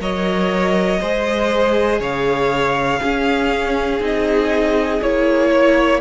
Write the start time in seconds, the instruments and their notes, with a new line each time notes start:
0.00 cello F#3, viola A#4, violin C#5 D#5
1.00 cello G#3, viola G#4, violin C5
2.00 cello C#3, violin C#5 F5
3.00 cello C#4, viola C#4, violin G#4
4.00 cello C4, viola D#4, violin D#5
5.02 cello A#3, viola E4, violin C#5
5.50 violin C#5